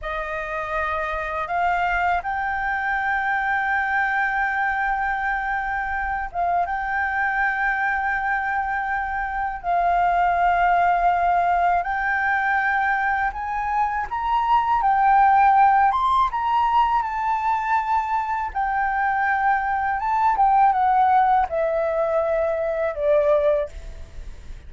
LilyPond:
\new Staff \with { instrumentName = "flute" } { \time 4/4 \tempo 4 = 81 dis''2 f''4 g''4~ | g''1~ | g''8 f''8 g''2.~ | g''4 f''2. |
g''2 gis''4 ais''4 | g''4. c'''8 ais''4 a''4~ | a''4 g''2 a''8 g''8 | fis''4 e''2 d''4 | }